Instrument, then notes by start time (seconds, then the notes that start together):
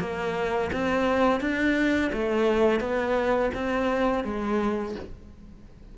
cello
0.00 A#3
0.73 C4
1.41 D4
2.13 A3
2.80 B3
3.54 C4
4.24 G#3